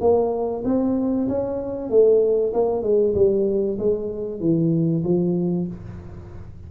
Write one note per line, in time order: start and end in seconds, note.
0.00 0.63 A#3
0.65 1.28 C4
1.28 1.90 C#4
1.90 2.53 A3
2.53 2.83 A#3
2.83 3.14 G#3
3.15 3.78 G3
3.78 4.40 G#3
4.40 5.03 E3
5.04 5.67 F3